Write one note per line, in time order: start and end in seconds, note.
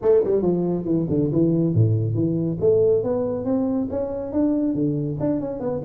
0.02 0.23 A3
0.24 0.41 G3
0.41 0.84 F3
0.84 1.06 E3
1.09 1.30 D3
1.32 1.74 E3
1.74 2.14 A2
2.14 2.57 E3
2.60 3.03 A3
3.03 3.44 B3
3.44 3.88 C4
3.90 4.32 C#4
4.32 4.74 D4
4.74 5.17 D3
5.20 5.40 D4
5.40 5.60 C#4
5.60 5.81 B3